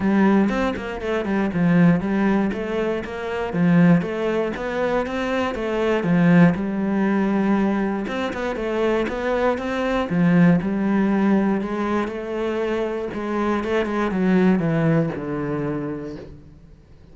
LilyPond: \new Staff \with { instrumentName = "cello" } { \time 4/4 \tempo 4 = 119 g4 c'8 ais8 a8 g8 f4 | g4 a4 ais4 f4 | a4 b4 c'4 a4 | f4 g2. |
c'8 b8 a4 b4 c'4 | f4 g2 gis4 | a2 gis4 a8 gis8 | fis4 e4 d2 | }